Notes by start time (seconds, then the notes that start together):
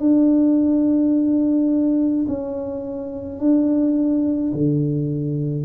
0.00 D4
2.28 C#4
3.40 D4
4.53 D3